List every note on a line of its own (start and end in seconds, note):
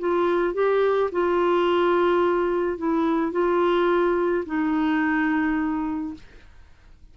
0.00 0.55 F4
0.55 1.11 G4
1.12 2.79 F4
2.79 3.32 E4
3.32 4.45 F4
4.46 6.15 D#4